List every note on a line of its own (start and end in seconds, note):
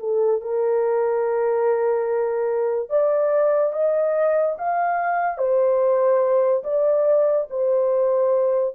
0.00 0.42 A4
0.42 2.90 A#4
2.90 3.73 D5
3.73 4.56 D#5
4.59 5.39 F5
5.39 6.64 C5
6.64 7.47 D5
7.50 8.75 C5